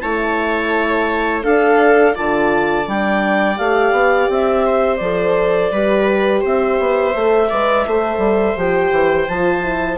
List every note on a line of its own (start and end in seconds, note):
0.00 1.45 A3
0.00 1.43 E4
0.00 1.44 C#5
0.00 1.43 A5
1.43 2.14 D4
1.43 2.16 D4
1.43 2.15 A4
1.43 2.15 F5
2.14 2.87 D3
2.14 2.86 F4
2.14 4.65 D5
2.14 2.88 A5
2.86 3.59 G3
2.86 3.57 D4
2.86 3.58 G5
3.57 3.92 A3
3.57 5.00 G4
3.57 4.29 F5
3.92 4.28 B3
4.29 5.00 C4
4.29 4.97 E5
4.66 5.73 C5
4.97 5.72 F3
4.97 5.74 A4
4.97 6.40 D5
5.72 6.43 G3
5.72 7.14 G4
5.72 6.41 B4
6.41 6.79 C4
6.41 7.48 C5
6.41 8.59 E5
6.79 7.14 B3
7.14 7.50 A3
7.14 7.50 A4
7.49 7.87 G#3
7.49 7.87 B4
7.49 7.85 D5
7.87 8.18 A3
7.87 8.57 A4
7.87 9.98 C5
8.18 8.54 G3
8.57 8.91 F3
8.57 9.28 G4
8.57 9.29 G5
8.91 9.27 E3
9.29 9.98 F3
9.29 9.62 F4
9.29 9.98 A5
9.62 9.98 E4